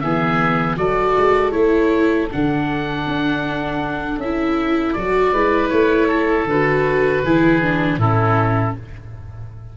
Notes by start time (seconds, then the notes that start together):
0.00 E3 B3 G#4 E5
0.76 F#3 F#4 A4 D5
1.17 G#3
1.51 A3 E4 C#5
2.31 D3 D4 F#5
3.06 D4
4.17 C#4 E5
4.24 E4
4.93 F#3 F#4 D5
5.32 G#3 E4 B4
5.69 A3 C#5
6.07 A4
6.45 D3 F#4 B4
7.24 E3 E4 G#4
7.62 D4
7.97 A2 C#4 E4 A4